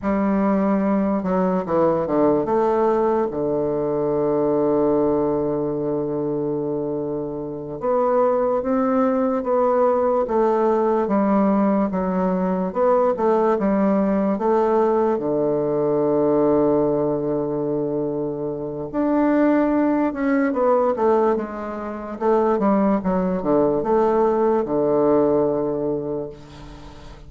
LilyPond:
\new Staff \with { instrumentName = "bassoon" } { \time 4/4 \tempo 4 = 73 g4. fis8 e8 d8 a4 | d1~ | d4. b4 c'4 b8~ | b8 a4 g4 fis4 b8 |
a8 g4 a4 d4.~ | d2. d'4~ | d'8 cis'8 b8 a8 gis4 a8 g8 | fis8 d8 a4 d2 | }